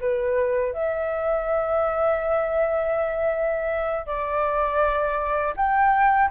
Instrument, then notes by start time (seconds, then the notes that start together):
flute
0.00 B4
0.73 E5
4.06 D5
5.56 G5